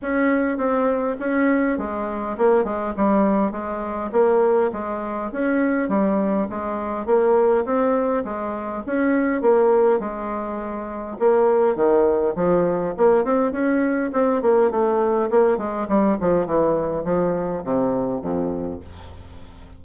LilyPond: \new Staff \with { instrumentName = "bassoon" } { \time 4/4 \tempo 4 = 102 cis'4 c'4 cis'4 gis4 | ais8 gis8 g4 gis4 ais4 | gis4 cis'4 g4 gis4 | ais4 c'4 gis4 cis'4 |
ais4 gis2 ais4 | dis4 f4 ais8 c'8 cis'4 | c'8 ais8 a4 ais8 gis8 g8 f8 | e4 f4 c4 f,4 | }